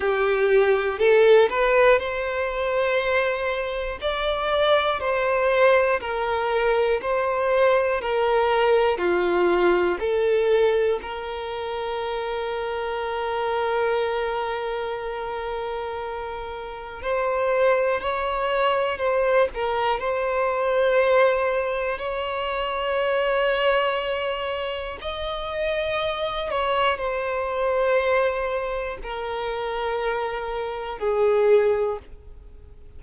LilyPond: \new Staff \with { instrumentName = "violin" } { \time 4/4 \tempo 4 = 60 g'4 a'8 b'8 c''2 | d''4 c''4 ais'4 c''4 | ais'4 f'4 a'4 ais'4~ | ais'1~ |
ais'4 c''4 cis''4 c''8 ais'8 | c''2 cis''2~ | cis''4 dis''4. cis''8 c''4~ | c''4 ais'2 gis'4 | }